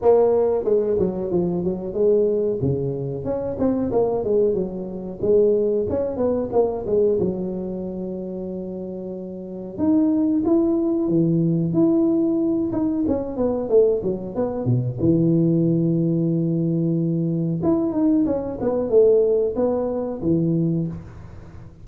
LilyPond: \new Staff \with { instrumentName = "tuba" } { \time 4/4 \tempo 4 = 92 ais4 gis8 fis8 f8 fis8 gis4 | cis4 cis'8 c'8 ais8 gis8 fis4 | gis4 cis'8 b8 ais8 gis8 fis4~ | fis2. dis'4 |
e'4 e4 e'4. dis'8 | cis'8 b8 a8 fis8 b8 b,8 e4~ | e2. e'8 dis'8 | cis'8 b8 a4 b4 e4 | }